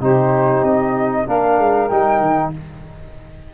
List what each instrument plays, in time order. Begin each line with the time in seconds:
0.00 tuba C3, trombone D#4, saxophone G4, flute C5
0.63 tuba C4, flute D#5
1.25 tuba A#3, trombone D4, saxophone A#4, flute F5
1.59 tuba G#3
1.88 tuba G3, trombone D#4, flute G5
2.21 tuba D#3